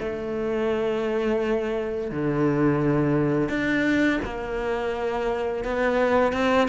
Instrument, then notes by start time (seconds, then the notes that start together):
cello
0.00 A3
2.11 D3
3.49 D4
4.25 A#3
5.65 B3
6.33 C4